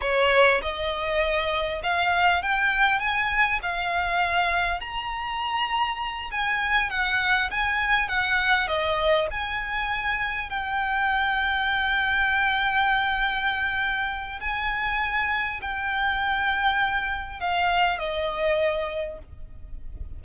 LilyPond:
\new Staff \with { instrumentName = "violin" } { \time 4/4 \tempo 4 = 100 cis''4 dis''2 f''4 | g''4 gis''4 f''2 | ais''2~ ais''8 gis''4 fis''8~ | fis''8 gis''4 fis''4 dis''4 gis''8~ |
gis''4. g''2~ g''8~ | g''1 | gis''2 g''2~ | g''4 f''4 dis''2 | }